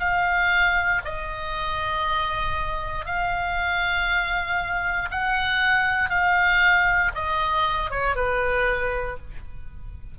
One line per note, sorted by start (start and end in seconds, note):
0.00 1.02 F5
1.05 3.06 D#5
3.06 5.09 F5
5.11 6.10 F#5
6.10 7.11 F5
7.15 7.91 D#5
7.91 8.16 C#5
8.16 9.18 B4